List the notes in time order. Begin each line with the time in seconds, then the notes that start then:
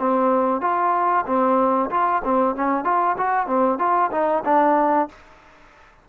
0.00 C4
0.62 F4
1.26 C4
1.91 F4
2.25 C4
2.56 C#4
2.85 F4
3.18 F#4
3.47 C4
3.79 F4
4.12 D#4
4.45 D4